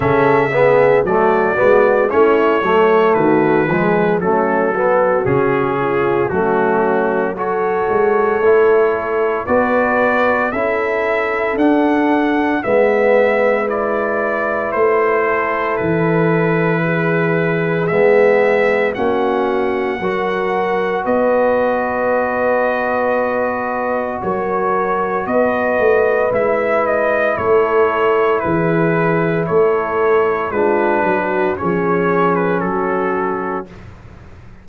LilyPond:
<<
  \new Staff \with { instrumentName = "trumpet" } { \time 4/4 \tempo 4 = 57 e''4 d''4 cis''4 b'4 | a'4 gis'4 fis'4 cis''4~ | cis''4 d''4 e''4 fis''4 | e''4 d''4 c''4 b'4~ |
b'4 e''4 fis''2 | dis''2. cis''4 | dis''4 e''8 dis''8 cis''4 b'4 | cis''4 b'4 cis''8. b'16 a'4 | }
  \new Staff \with { instrumentName = "horn" } { \time 4/4 a'8 gis'8 fis'4 e'8 a'8 fis'8 gis'8 | cis'8 fis'4 f'8 cis'4 a'4~ | a'4 b'4 a'2 | b'2~ b'8 a'4. |
gis'2 fis'4 ais'4 | b'2. ais'4 | b'2 a'4 gis'4 | a'4 f'8 fis'8 gis'4 fis'4 | }
  \new Staff \with { instrumentName = "trombone" } { \time 4/4 cis'8 b8 a8 b8 cis'8 a4 gis8 | a8 b8 cis'4 a4 fis'4 | e'4 fis'4 e'4 d'4 | b4 e'2.~ |
e'4 b4 cis'4 fis'4~ | fis'1~ | fis'4 e'2.~ | e'4 d'4 cis'2 | }
  \new Staff \with { instrumentName = "tuba" } { \time 4/4 cis4 fis8 gis8 a8 fis8 dis8 f8 | fis4 cis4 fis4. gis8 | a4 b4 cis'4 d'4 | gis2 a4 e4~ |
e4 gis4 ais4 fis4 | b2. fis4 | b8 a8 gis4 a4 e4 | a4 gis8 fis8 f4 fis4 | }
>>